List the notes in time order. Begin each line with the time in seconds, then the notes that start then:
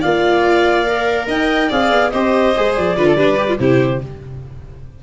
0.00 A#3 F4 D5 F5
0.86 A#4
1.27 D#4 D#5 G5
1.68 C4 G#4 D5 F5
1.91 B3
2.10 C4 G4 C5 D#5
2.56 G#3 G#4
2.75 F3 D5
2.96 D3 F4 B4
3.07 A4
3.16 G3 D4 B4
3.37 G4
3.48 F4
3.59 C3 E4 G4 C5